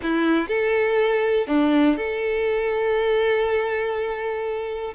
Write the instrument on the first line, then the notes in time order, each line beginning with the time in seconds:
violin
0.02 E4
0.48 A4
1.47 D4
1.96 A4